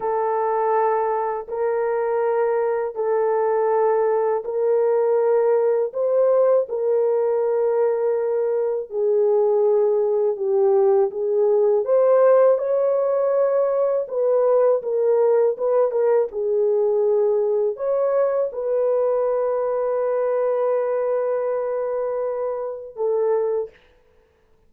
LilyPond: \new Staff \with { instrumentName = "horn" } { \time 4/4 \tempo 4 = 81 a'2 ais'2 | a'2 ais'2 | c''4 ais'2. | gis'2 g'4 gis'4 |
c''4 cis''2 b'4 | ais'4 b'8 ais'8 gis'2 | cis''4 b'2.~ | b'2. a'4 | }